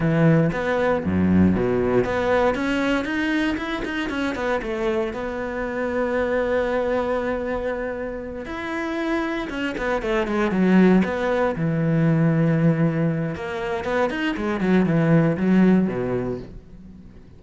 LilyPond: \new Staff \with { instrumentName = "cello" } { \time 4/4 \tempo 4 = 117 e4 b4 fis,4 b,4 | b4 cis'4 dis'4 e'8 dis'8 | cis'8 b8 a4 b2~ | b1~ |
b8 e'2 cis'8 b8 a8 | gis8 fis4 b4 e4.~ | e2 ais4 b8 dis'8 | gis8 fis8 e4 fis4 b,4 | }